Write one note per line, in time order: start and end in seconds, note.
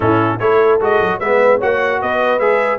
0.00 0.38 A2
0.00 0.39 C#4
0.00 0.39 E4
0.00 0.39 A4
0.39 0.80 A3
0.39 0.80 E4
0.39 1.19 A4
0.39 0.79 C#5
0.80 1.00 G#3
0.80 1.21 F#4
0.80 1.19 D#5
1.01 1.20 F#3
1.19 1.60 G#3
1.19 1.60 B3
1.19 1.57 B4
1.19 1.59 E5
1.57 2.02 A#3
1.57 2.40 F#4
1.57 1.97 C#5
1.57 2.01 F#5
2.01 2.39 B3
2.01 2.78 B4
2.01 2.39 D#5
2.39 2.78 G#3
2.39 2.78 G#4
2.39 2.78 E5